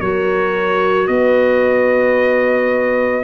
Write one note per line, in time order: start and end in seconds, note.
0.00 1.08 F#3
0.00 3.24 F#4
0.00 1.09 A#4
0.00 1.07 C#5
1.07 3.24 B3
1.07 3.24 B4
1.07 3.24 D#5